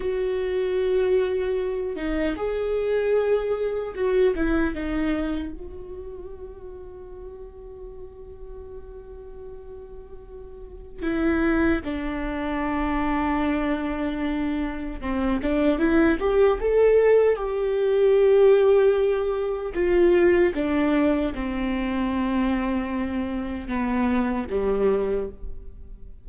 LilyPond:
\new Staff \with { instrumentName = "viola" } { \time 4/4 \tempo 4 = 76 fis'2~ fis'8 dis'8 gis'4~ | gis'4 fis'8 e'8 dis'4 fis'4~ | fis'1~ | fis'2 e'4 d'4~ |
d'2. c'8 d'8 | e'8 g'8 a'4 g'2~ | g'4 f'4 d'4 c'4~ | c'2 b4 g4 | }